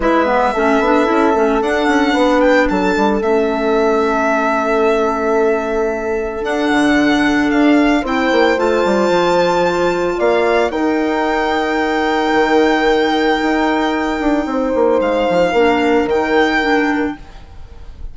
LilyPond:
<<
  \new Staff \with { instrumentName = "violin" } { \time 4/4 \tempo 4 = 112 e''2. fis''4~ | fis''8 g''8 a''4 e''2~ | e''1 | fis''2 f''4 g''4 |
a''2. f''4 | g''1~ | g''1 | f''2 g''2 | }
  \new Staff \with { instrumentName = "horn" } { \time 4/4 b'4 a'2. | b'4 a'2.~ | a'1~ | a'2. c''4~ |
c''2. d''4 | ais'1~ | ais'2. c''4~ | c''4 ais'2. | }
  \new Staff \with { instrumentName = "clarinet" } { \time 4/4 e'8 b8 cis'8 d'8 e'8 cis'8 d'4~ | d'2 cis'2~ | cis'1 | d'2. e'4 |
f'1 | dis'1~ | dis'1~ | dis'4 d'4 dis'4 d'4 | }
  \new Staff \with { instrumentName = "bassoon" } { \time 4/4 gis4 a8 b8 cis'8 a8 d'8 cis'8 | b4 fis8 g8 a2~ | a1 | d'8 d4. d'4 c'8 ais8 |
a8 g8 f2 ais4 | dis'2. dis4~ | dis4 dis'4. d'8 c'8 ais8 | gis8 f8 ais4 dis2 | }
>>